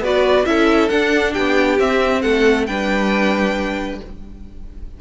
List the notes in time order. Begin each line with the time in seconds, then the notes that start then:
0.00 B3 F#4 B4 D5
0.45 C#4 E4 A4 E5
0.89 D4 F#5
1.33 B3 G4 G5
1.78 C4 E5
2.21 A3 A4 F#5
2.66 G3 D4 B4 G5